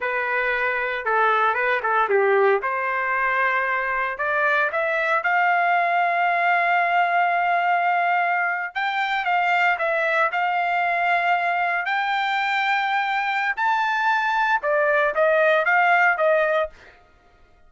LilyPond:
\new Staff \with { instrumentName = "trumpet" } { \time 4/4 \tempo 4 = 115 b'2 a'4 b'8 a'8 | g'4 c''2. | d''4 e''4 f''2~ | f''1~ |
f''8. g''4 f''4 e''4 f''16~ | f''2~ f''8. g''4~ g''16~ | g''2 a''2 | d''4 dis''4 f''4 dis''4 | }